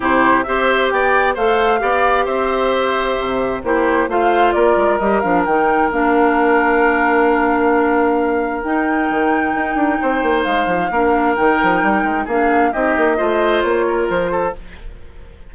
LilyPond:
<<
  \new Staff \with { instrumentName = "flute" } { \time 4/4 \tempo 4 = 132 c''4 e''4 g''4 f''4~ | f''4 e''2. | c''4 f''4 d''4 dis''8 f''8 | g''4 f''2.~ |
f''2. g''4~ | g''2. f''4~ | f''4 g''2 f''4 | dis''2 cis''4 c''4 | }
  \new Staff \with { instrumentName = "oboe" } { \time 4/4 g'4 c''4 d''4 c''4 | d''4 c''2. | g'4 c''4 ais'2~ | ais'1~ |
ais'1~ | ais'2 c''2 | ais'2. gis'4 | g'4 c''4. ais'4 a'8 | }
  \new Staff \with { instrumentName = "clarinet" } { \time 4/4 e'4 g'2 a'4 | g'1 | e'4 f'2 g'8 d'8 | dis'4 d'2.~ |
d'2. dis'4~ | dis'1 | d'4 dis'2 d'4 | dis'4 f'2. | }
  \new Staff \with { instrumentName = "bassoon" } { \time 4/4 c4 c'4 b4 a4 | b4 c'2 c4 | ais4 a4 ais8 gis8 g8 f8 | dis4 ais2.~ |
ais2. dis'4 | dis4 dis'8 d'8 c'8 ais8 gis8 f8 | ais4 dis8 f8 g8 gis8 ais4 | c'8 ais8 a4 ais4 f4 | }
>>